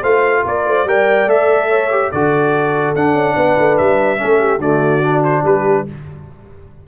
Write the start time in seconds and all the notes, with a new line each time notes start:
0.00 A3 F4 C5 F5
0.45 A#3 A#4 D5
0.66 A3 C5
0.85 G3 A#4 D5 G5
1.26 A3 A4 E5
1.69 C#5
1.91 G4
2.12 D3 F#4 A4 D5
2.95 D4 F#5
3.14 C#4
3.36 B3 B4
3.59 A3
3.78 G3 E5
4.17 C#4 A4
4.24 A3
4.40 G4
4.59 D3 A3 F#4 D5
5.03 D4
5.24 C5
5.44 G3 G4 B4